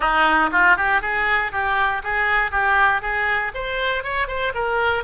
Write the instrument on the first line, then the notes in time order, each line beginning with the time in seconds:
oboe
0.00 D#4
0.52 F4
0.76 G4
1.01 G#4
1.52 G4
2.03 G#4
2.51 G4
3.01 G#4
3.54 C5
4.03 C#5
4.27 C5
4.54 A#4